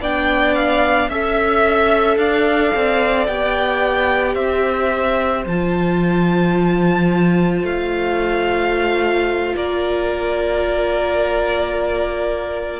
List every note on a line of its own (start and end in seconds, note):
0.00 1.09 B3
0.00 1.11 D4
0.00 1.09 D5
0.00 0.55 G5
0.55 1.10 F5
1.09 2.17 C#4
1.09 3.28 A4
1.09 2.18 E5
1.09 2.17 E5
2.17 2.72 D4
2.17 4.35 D5
2.17 3.26 F5
2.75 3.28 C4
3.27 4.35 B3
3.27 5.47 G4
3.27 4.35 G5
4.35 5.44 C4
4.35 9.53 C5
4.35 5.44 E5
5.46 7.63 F3
5.46 12.80 F4
5.46 7.65 A5
7.63 9.54 A3
7.63 9.56 F5
9.56 12.80 A#3
9.56 12.80 A#4
9.56 12.80 D5